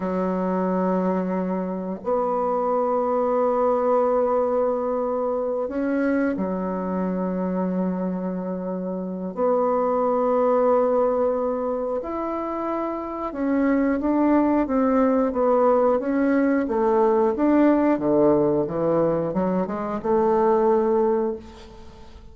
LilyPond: \new Staff \with { instrumentName = "bassoon" } { \time 4/4 \tempo 4 = 90 fis2. b4~ | b1~ | b8 cis'4 fis2~ fis8~ | fis2 b2~ |
b2 e'2 | cis'4 d'4 c'4 b4 | cis'4 a4 d'4 d4 | e4 fis8 gis8 a2 | }